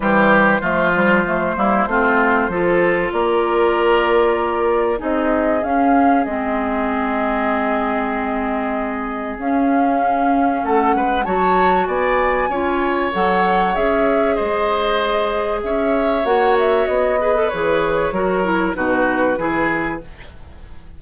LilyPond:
<<
  \new Staff \with { instrumentName = "flute" } { \time 4/4 \tempo 4 = 96 c''1~ | c''4 d''2. | dis''4 f''4 dis''2~ | dis''2. f''4~ |
f''4 fis''4 a''4 gis''4~ | gis''4 fis''4 e''4 dis''4~ | dis''4 e''4 fis''8 e''8 dis''4 | cis''2 b'2 | }
  \new Staff \with { instrumentName = "oboe" } { \time 4/4 g'4 f'4. e'8 f'4 | a'4 ais'2. | gis'1~ | gis'1~ |
gis'4 a'8 b'8 cis''4 d''4 | cis''2. c''4~ | c''4 cis''2~ cis''8 b'8~ | b'4 ais'4 fis'4 gis'4 | }
  \new Staff \with { instrumentName = "clarinet" } { \time 4/4 g4 a8 g8 a8 ais8 c'4 | f'1 | dis'4 cis'4 c'2~ | c'2. cis'4~ |
cis'2 fis'2 | f'4 a'4 gis'2~ | gis'2 fis'4. gis'16 a'16 | gis'4 fis'8 e'8 dis'4 e'4 | }
  \new Staff \with { instrumentName = "bassoon" } { \time 4/4 e4 f4. g8 a4 | f4 ais2. | c'4 cis'4 gis2~ | gis2. cis'4~ |
cis'4 a8 gis8 fis4 b4 | cis'4 fis4 cis'4 gis4~ | gis4 cis'4 ais4 b4 | e4 fis4 b,4 e4 | }
>>